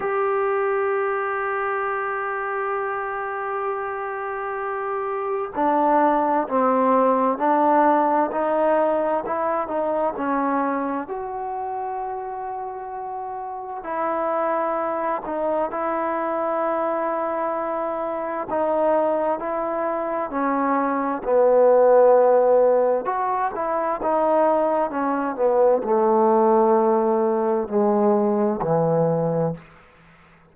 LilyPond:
\new Staff \with { instrumentName = "trombone" } { \time 4/4 \tempo 4 = 65 g'1~ | g'2 d'4 c'4 | d'4 dis'4 e'8 dis'8 cis'4 | fis'2. e'4~ |
e'8 dis'8 e'2. | dis'4 e'4 cis'4 b4~ | b4 fis'8 e'8 dis'4 cis'8 b8 | a2 gis4 e4 | }